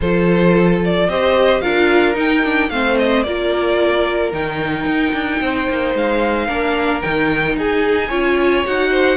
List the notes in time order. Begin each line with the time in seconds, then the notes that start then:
0.01 F3 F4 A4 C5
0.85 D5
1.07 C4 G4 C5 D#5
1.60 D4 F4 A#4 F5
2.14 D#4 G5
2.43 D4
2.69 A3 C4 C5 F5
2.97 D#5
3.23 A#3 F4 A#4 D5
4.31 D#3 D#4 G5
4.85 D#4
5.12 D4
5.40 C4 C5
5.69 A#3
5.94 G#3 F5
6.46 A#3 D4 A#4
7.01 D#3 D#4 G5
7.56 D#4 G#4 G#5
8.08 C#4 F4 C#5
8.64 D#4 F#4 F#5
8.90 C5